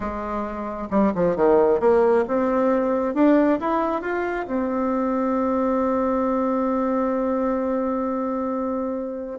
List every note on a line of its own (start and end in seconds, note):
0.00 0.88 G#3
0.90 1.12 G3
1.14 1.36 F3
1.36 1.80 D#3
1.80 2.24 A#3
2.27 3.14 C4
3.14 3.59 D4
3.59 4.01 E4
4.01 4.46 F4
4.46 9.39 C4